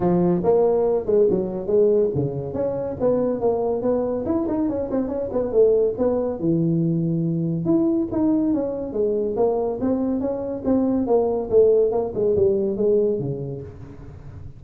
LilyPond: \new Staff \with { instrumentName = "tuba" } { \time 4/4 \tempo 4 = 141 f4 ais4. gis8 fis4 | gis4 cis4 cis'4 b4 | ais4 b4 e'8 dis'8 cis'8 c'8 | cis'8 b8 a4 b4 e4~ |
e2 e'4 dis'4 | cis'4 gis4 ais4 c'4 | cis'4 c'4 ais4 a4 | ais8 gis8 g4 gis4 cis4 | }